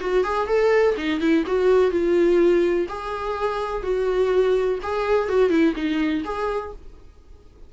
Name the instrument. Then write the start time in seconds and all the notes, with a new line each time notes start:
viola
0.00 F#4
0.24 G#4
0.47 A4
0.96 D#4
1.20 E4
1.46 F#4
1.91 F4
2.88 G#4
3.83 F#4
4.82 G#4
5.28 F#4
5.49 E4
5.75 D#4
6.24 G#4